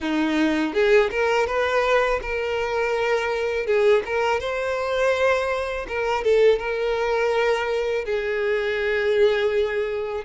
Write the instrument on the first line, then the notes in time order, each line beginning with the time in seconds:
violin
0.00 D#4
0.73 G#4
1.10 A#4
1.46 B4
2.22 A#4
3.66 G#4
4.05 A#4
4.39 C5
5.88 A#4
6.24 A4
6.59 A#4
8.05 G#4